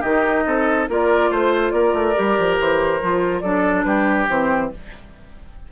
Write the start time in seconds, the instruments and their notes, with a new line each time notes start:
0.00 bassoon D#3, clarinet D#4, oboe G4, flute D#5
0.45 bassoon C4, oboe A4
0.89 bassoon A#3, clarinet F4, oboe A#4, flute D5
1.30 bassoon A3, oboe C5, flute C5
1.71 bassoon A#3, oboe A#4, flute D5
1.93 bassoon A3
2.15 bassoon G3, clarinet G4
2.38 bassoon F3
2.59 bassoon E3, flute C5
3.01 bassoon F3, clarinet F4
3.40 bassoon F#3, clarinet D4, oboe A4, flute D5
3.84 bassoon G3, oboe G4, flute B4
4.29 bassoon E3, clarinet C4, flute C5